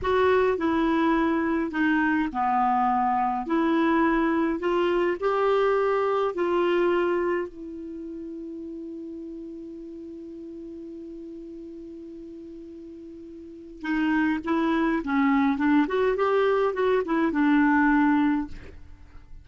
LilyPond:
\new Staff \with { instrumentName = "clarinet" } { \time 4/4 \tempo 4 = 104 fis'4 e'2 dis'4 | b2 e'2 | f'4 g'2 f'4~ | f'4 e'2.~ |
e'1~ | e'1 | dis'4 e'4 cis'4 d'8 fis'8 | g'4 fis'8 e'8 d'2 | }